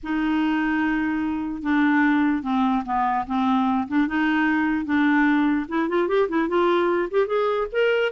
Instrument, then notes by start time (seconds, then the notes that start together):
clarinet
0.03 D#4
1.62 D4
2.43 C4
2.85 B3
3.27 C4
3.88 D4
4.07 D#4
4.85 D4
5.68 E4
5.88 F4
6.08 G4
6.28 E4
6.48 F4
7.10 G4
7.26 G#4
7.72 A#4